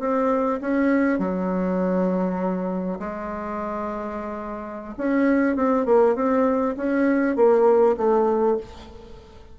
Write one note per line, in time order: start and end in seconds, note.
0.00 0.60 C4
0.62 1.19 C#4
1.19 2.99 F#3
3.00 4.95 G#3
4.98 5.57 C#4
5.57 5.86 C4
5.86 6.16 A#3
6.16 6.76 C4
6.77 7.36 C#4
7.36 7.96 A#3
7.97 8.57 A3